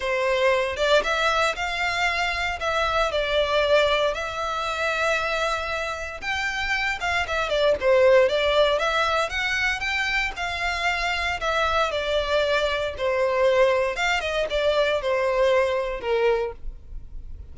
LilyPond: \new Staff \with { instrumentName = "violin" } { \time 4/4 \tempo 4 = 116 c''4. d''8 e''4 f''4~ | f''4 e''4 d''2 | e''1 | g''4. f''8 e''8 d''8 c''4 |
d''4 e''4 fis''4 g''4 | f''2 e''4 d''4~ | d''4 c''2 f''8 dis''8 | d''4 c''2 ais'4 | }